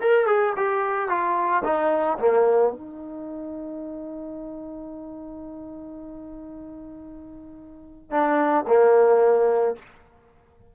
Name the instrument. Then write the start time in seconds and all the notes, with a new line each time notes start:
trombone
0.00 A#4
0.26 G#4
0.57 G4
1.09 F4
1.64 D#4
2.19 A#3
2.72 D#4
8.10 D4
8.67 A#3